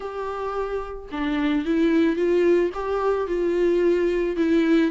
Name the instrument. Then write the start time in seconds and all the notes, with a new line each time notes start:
viola
0.00 G4
1.11 D4
1.65 E4
2.15 F4
2.74 G4
3.27 F4
4.36 E4